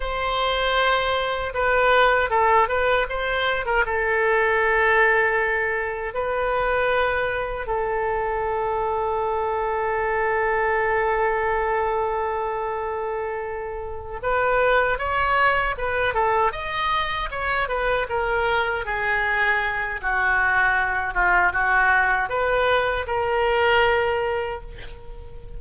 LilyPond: \new Staff \with { instrumentName = "oboe" } { \time 4/4 \tempo 4 = 78 c''2 b'4 a'8 b'8 | c''8. ais'16 a'2. | b'2 a'2~ | a'1~ |
a'2~ a'8 b'4 cis''8~ | cis''8 b'8 a'8 dis''4 cis''8 b'8 ais'8~ | ais'8 gis'4. fis'4. f'8 | fis'4 b'4 ais'2 | }